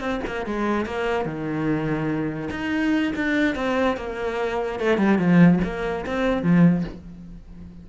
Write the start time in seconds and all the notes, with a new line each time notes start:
0.00 C4
0.27 A#3
0.46 G#3
0.86 A#3
1.25 D#3
2.51 D#4
3.16 D4
3.55 C4
3.97 A#3
4.80 A3
4.98 G3
5.18 F3
5.64 A#3
6.06 C4
6.43 F3